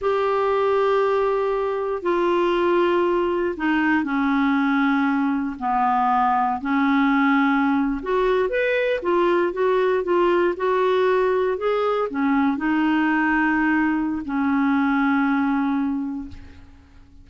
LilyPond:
\new Staff \with { instrumentName = "clarinet" } { \time 4/4 \tempo 4 = 118 g'1 | f'2. dis'4 | cis'2. b4~ | b4 cis'2~ cis'8. fis'16~ |
fis'8. b'4 f'4 fis'4 f'16~ | f'8. fis'2 gis'4 cis'16~ | cis'8. dis'2.~ dis'16 | cis'1 | }